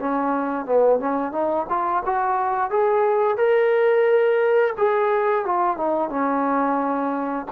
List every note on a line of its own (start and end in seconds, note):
0.00 0.66 C#4
0.66 1.00 B3
1.00 1.32 C#4
1.32 1.66 D#4
1.70 2.04 F4
2.06 2.71 F#4
2.71 3.38 G#4
3.38 4.74 A#4
4.78 5.46 G#4
5.46 5.77 F4
5.77 6.10 D#4
6.10 7.46 C#4